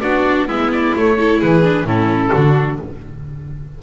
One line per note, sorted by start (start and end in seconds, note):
0.00 0.48 B3
0.00 0.49 D4
0.00 0.47 F#4
0.00 0.47 D5
0.47 0.94 G#3
0.47 0.95 B3
0.47 1.17 E4
0.47 0.71 E5
0.72 0.95 D5
0.96 1.42 A3
0.96 1.18 A3
0.96 1.42 C#5
1.17 1.62 E4
1.17 1.39 A4
1.39 1.84 E3
1.39 1.86 G#4
1.39 1.87 B4
1.62 1.85 D4
1.84 2.31 A2
1.84 2.33 C#4
1.84 2.32 E4
1.84 2.80 A4
2.32 2.79 D3
2.32 2.82 D4
2.32 2.79 F#4